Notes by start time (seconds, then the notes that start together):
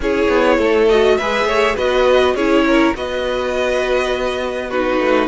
0.00 C#4 E4 G#4 C#5
0.28 B3
0.57 A3 A4
0.88 F#4 D#5
1.17 G#3 G#4 B4 E5
1.44 A3 C#5
1.75 B3 F#4 B4 D#5
2.34 C#4 E4 G#4 C#5
2.66 A#4
2.94 B3 F#4 B4 D#5
4.68 D#4 F#4 B4
4.99 A3